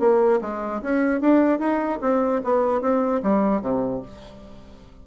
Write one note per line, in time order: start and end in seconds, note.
0.00 0.40 A#3
0.42 0.82 G#3
0.83 1.21 C#4
1.21 1.59 D4
1.59 2.00 D#4
2.02 2.42 C4
2.44 2.82 B3
2.82 3.22 C4
3.23 3.62 G3
3.62 4.02 C3